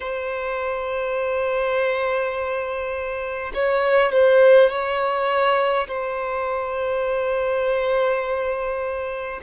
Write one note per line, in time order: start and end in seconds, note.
0.00 3.52 C5
3.53 4.12 C#5
4.12 4.69 C5
4.69 5.87 C#5
5.87 9.40 C5